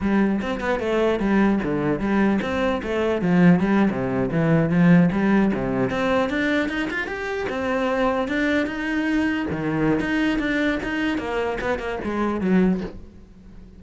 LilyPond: \new Staff \with { instrumentName = "cello" } { \time 4/4 \tempo 4 = 150 g4 c'8 b8 a4 g4 | d4 g4 c'4 a4 | f4 g8. c4 e4 f16~ | f8. g4 c4 c'4 d'16~ |
d'8. dis'8 f'8 g'4 c'4~ c'16~ | c'8. d'4 dis'2 dis16~ | dis4 dis'4 d'4 dis'4 | ais4 b8 ais8 gis4 fis4 | }